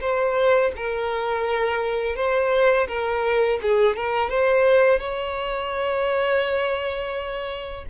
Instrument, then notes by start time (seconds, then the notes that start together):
violin
0.00 C5
0.76 A#4
2.16 C5
2.88 A#4
3.62 G#4
3.96 A#4
4.30 C5
4.99 C#5